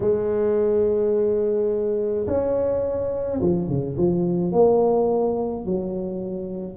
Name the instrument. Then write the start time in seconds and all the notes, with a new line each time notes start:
tuba
0.00 G#3
2.26 C#4
3.41 F3
3.67 C#3
3.97 F3
4.52 A#3
5.64 F#3